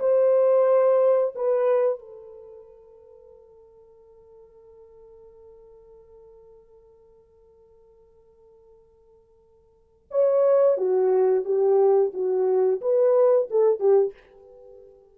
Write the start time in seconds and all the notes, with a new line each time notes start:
0.00 C5
1.35 B4
1.99 A4
10.11 C#5
10.77 F#4
11.45 G4
12.14 F#4
12.82 B4
13.51 A4
13.80 G4